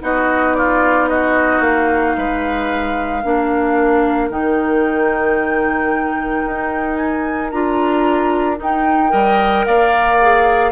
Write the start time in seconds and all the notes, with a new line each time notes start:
0.00 B3 D#4 F#4 D#5
0.54 F4 D5
1.08 F#4 D#5
1.60 A#3 F5
2.16 G#3 B4
3.23 A#3 D4 A#4
4.30 D#3 D#4 G5
6.46 D#4
6.96 G#5
7.50 D4 F4 A#5
8.56 D#4
8.62 G5
9.09 G3 A#4 D#5
9.65 A#3 D5 F5
10.21 G#4